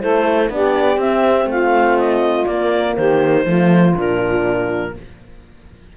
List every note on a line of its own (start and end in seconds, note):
0.00 0.50 A3
0.00 0.49 E4
0.00 0.52 A4
0.00 0.49 C5
0.49 0.97 B3
0.49 0.99 D4
0.49 1.49 G4
0.49 1.00 D5
0.97 1.45 C4
0.97 2.49 C4
0.97 1.49 E5
1.45 2.44 A3
1.45 2.97 F4
1.45 1.98 F5
1.98 2.46 D#5
2.46 2.97 A#3
2.46 3.45 A#3
2.46 2.95 D5
2.96 3.46 D#3
2.96 3.46 G4
2.96 3.95 C5
3.45 3.95 F3
3.45 3.94 A3
3.45 4.93 F4
3.95 4.96 A#2
3.95 4.94 D4
3.95 4.97 A#4